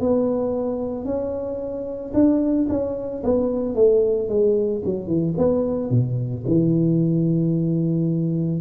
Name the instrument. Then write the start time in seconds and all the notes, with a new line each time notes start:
tuba
0.00 B3
1.06 C#4
2.14 D4
2.69 C#4
3.23 B3
3.75 A3
4.29 G#3
4.86 F#3
5.07 E3
5.38 B3
5.91 B2
6.47 E3